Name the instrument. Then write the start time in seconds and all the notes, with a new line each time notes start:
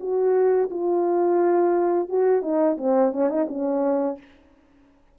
horn
0.00 F#4
0.70 F4
2.09 F#4
2.42 D#4
2.78 C4
3.12 C#4
3.29 D#4
3.49 C#4